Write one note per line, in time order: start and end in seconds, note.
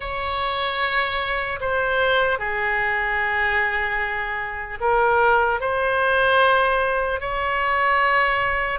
0.00 1.59 C#5
1.60 2.39 C5
2.39 4.79 G#4
4.80 5.60 A#4
5.60 7.20 C5
7.20 8.79 C#5